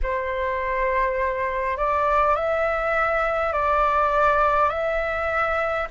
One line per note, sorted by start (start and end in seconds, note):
0.03 1.77 C5
1.77 2.35 D5
2.35 3.52 E5
3.52 4.70 D5
4.70 5.87 E5